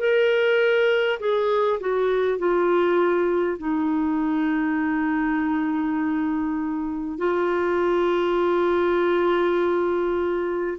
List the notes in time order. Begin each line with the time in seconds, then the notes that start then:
0.00 A#4
1.20 G#4
1.81 F#4
2.39 F4
3.58 D#4
7.18 F4